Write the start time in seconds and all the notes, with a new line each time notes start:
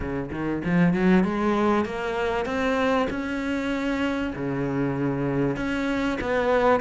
0.00 C#3
0.31 D#3
0.65 F3
0.93 F#3
1.24 G#3
1.85 A#3
2.45 C4
3.10 C#4
4.35 C#3
5.56 C#4
6.20 B3